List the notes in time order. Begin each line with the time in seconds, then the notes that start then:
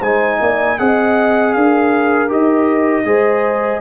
0.00 G#3 D#4 C5 G#5
0.41 A#3 D5
0.79 C4 G#4 D#5 F#5
1.53 D4 A#4 F5
2.29 D#4 G4 D#5
3.05 G#3 G#4 C5